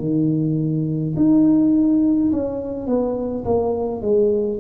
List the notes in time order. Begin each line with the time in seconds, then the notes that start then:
0.00 D#3
1.16 D#4
2.33 C#4
2.87 B3
3.45 A#3
4.02 G#3